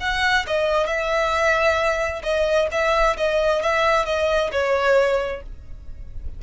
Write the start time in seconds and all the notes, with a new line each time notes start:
0.00 F#5
0.47 D#5
0.86 E5
2.23 D#5
2.71 E5
3.17 D#5
3.62 E5
4.05 D#5
4.52 C#5